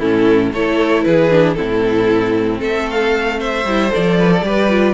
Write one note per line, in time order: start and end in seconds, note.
0.00 0.53 A2
0.00 0.53 C#4
0.00 0.52 E4
0.00 0.52 A4
0.53 1.05 A3
0.53 1.31 E4
0.53 1.05 A4
0.53 1.04 C#5
1.04 1.58 E3
1.04 1.58 G#4
1.04 1.55 B4
1.31 1.55 D4
1.55 3.64 C4
1.55 2.60 E4
1.55 2.59 A4
1.61 2.61 A2
2.60 3.65 A3
2.60 3.38 A4
2.60 2.90 E5
2.90 3.40 F5
3.40 4.18 C5
3.40 3.92 E5
3.65 3.91 G3
3.65 3.90 E4
3.90 4.42 A4
3.90 4.94 D5
3.97 4.43 F3
4.19 4.32 B4
4.32 4.45 A4
4.43 4.94 G3
4.43 4.70 G4
4.43 4.94 B4
4.70 4.94 F4